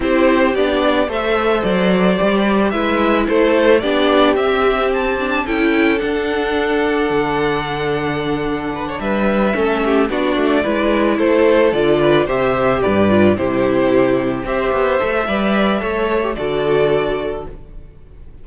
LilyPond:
<<
  \new Staff \with { instrumentName = "violin" } { \time 4/4 \tempo 4 = 110 c''4 d''4 e''4 d''4~ | d''4 e''4 c''4 d''4 | e''4 a''4 g''4 fis''4~ | fis''1~ |
fis''8 e''2 d''4.~ | d''8 c''4 d''4 e''4 d''8~ | d''8 c''2 e''4.~ | e''2 d''2 | }
  \new Staff \with { instrumentName = "violin" } { \time 4/4 g'2 c''2~ | c''4 b'4 a'4 g'4~ | g'2 a'2~ | a'1 |
b'16 cis''16 b'4 a'8 g'8 fis'4 b'8~ | b'8 a'4. b'8 c''4 b'8~ | b'8 g'2 c''4. | d''4 cis''4 a'2 | }
  \new Staff \with { instrumentName = "viola" } { \time 4/4 e'4 d'4 a'2 | g'4 e'2 d'4 | c'4. d'8 e'4 d'4~ | d'1~ |
d'4. cis'4 d'4 e'8~ | e'4. f'4 g'4. | f'8 e'2 g'4 a'8 | b'4 a'8. g'16 fis'2 | }
  \new Staff \with { instrumentName = "cello" } { \time 4/4 c'4 b4 a4 fis4 | g4 gis4 a4 b4 | c'2 cis'4 d'4~ | d'4 d2.~ |
d8 g4 a4 b8 a8 gis8~ | gis8 a4 d4 c4 g,8~ | g,8 c2 c'8 b8 a8 | g4 a4 d2 | }
>>